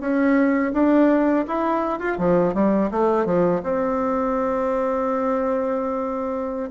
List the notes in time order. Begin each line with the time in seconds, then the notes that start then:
0.00 C#4
0.73 D4
1.48 E4
1.99 F4
2.18 F3
2.54 G3
2.91 A3
3.25 F3
3.63 C4